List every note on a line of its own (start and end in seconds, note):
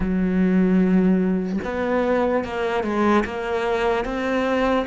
0.00 1.58 F#3
1.64 2.44 B3
2.44 2.83 A#3
2.83 3.24 G#3
3.24 4.04 A#3
4.04 4.85 C4